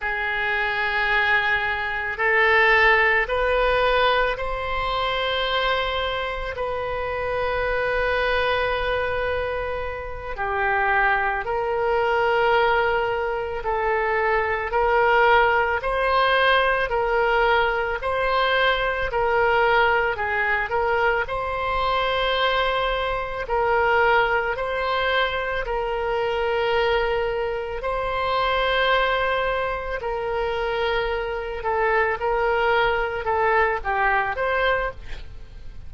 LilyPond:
\new Staff \with { instrumentName = "oboe" } { \time 4/4 \tempo 4 = 55 gis'2 a'4 b'4 | c''2 b'2~ | b'4. g'4 ais'4.~ | ais'8 a'4 ais'4 c''4 ais'8~ |
ais'8 c''4 ais'4 gis'8 ais'8 c''8~ | c''4. ais'4 c''4 ais'8~ | ais'4. c''2 ais'8~ | ais'4 a'8 ais'4 a'8 g'8 c''8 | }